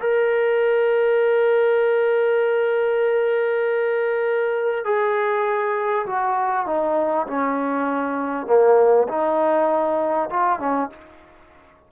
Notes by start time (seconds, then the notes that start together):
0.00 A#4
4.85 G#4
6.06 F#4
6.66 D#4
7.27 C#4
8.47 A#3
9.09 D#4
10.30 F4
10.60 C#4